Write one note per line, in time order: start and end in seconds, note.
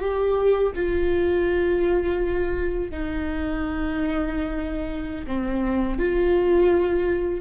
0.00 0.72 G4
0.75 2.91 F4
2.91 5.26 D#4
5.27 5.99 C4
5.99 7.41 F4